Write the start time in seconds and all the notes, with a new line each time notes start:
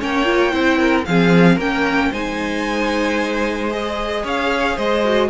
0.00 A#3 C#4 C#5 G5
0.25 F4
0.51 C4 E4 C5
0.78 A#4
1.05 F3 C4 G#4 F5
1.56 A#3 C#4 A#4 G5
2.11 G#3 D#4 C5 G#5
3.70 G#4 D#5
4.23 C#4 C#5 F5
4.76 G#3 C5 D#5
5.04 F#4